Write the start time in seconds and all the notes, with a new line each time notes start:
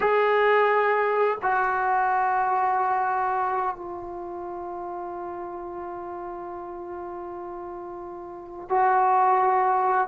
0.00 G#4
1.42 F#4
3.75 F4
8.69 F#4